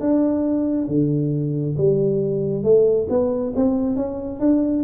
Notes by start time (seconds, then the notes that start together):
0.00 D4
0.87 D3
1.77 G3
2.63 A3
3.09 B3
3.55 C4
3.96 C#4
4.40 D4